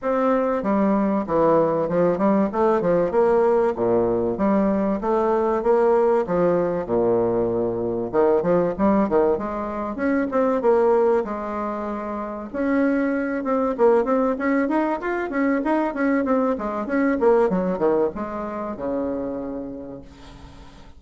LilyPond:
\new Staff \with { instrumentName = "bassoon" } { \time 4/4 \tempo 4 = 96 c'4 g4 e4 f8 g8 | a8 f8 ais4 ais,4 g4 | a4 ais4 f4 ais,4~ | ais,4 dis8 f8 g8 dis8 gis4 |
cis'8 c'8 ais4 gis2 | cis'4. c'8 ais8 c'8 cis'8 dis'8 | f'8 cis'8 dis'8 cis'8 c'8 gis8 cis'8 ais8 | fis8 dis8 gis4 cis2 | }